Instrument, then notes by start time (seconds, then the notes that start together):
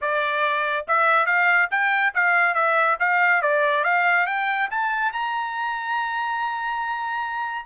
trumpet
0.01 D5
0.87 E5
1.26 F5
1.70 G5
2.14 F5
2.54 E5
2.99 F5
3.42 D5
3.84 F5
4.26 G5
4.70 A5
5.12 A#5